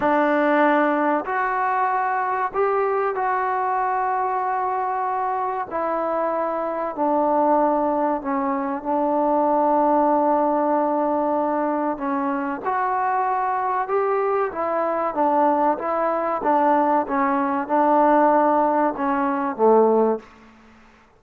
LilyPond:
\new Staff \with { instrumentName = "trombone" } { \time 4/4 \tempo 4 = 95 d'2 fis'2 | g'4 fis'2.~ | fis'4 e'2 d'4~ | d'4 cis'4 d'2~ |
d'2. cis'4 | fis'2 g'4 e'4 | d'4 e'4 d'4 cis'4 | d'2 cis'4 a4 | }